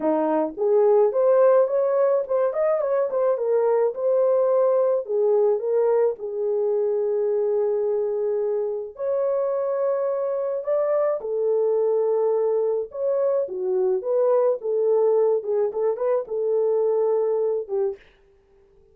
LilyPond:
\new Staff \with { instrumentName = "horn" } { \time 4/4 \tempo 4 = 107 dis'4 gis'4 c''4 cis''4 | c''8 dis''8 cis''8 c''8 ais'4 c''4~ | c''4 gis'4 ais'4 gis'4~ | gis'1 |
cis''2. d''4 | a'2. cis''4 | fis'4 b'4 a'4. gis'8 | a'8 b'8 a'2~ a'8 g'8 | }